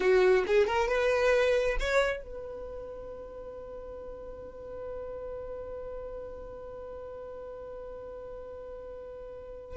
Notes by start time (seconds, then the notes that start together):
0.00 F#4
0.46 G#4
0.66 A#4
0.88 B4
1.79 C#5
2.22 B4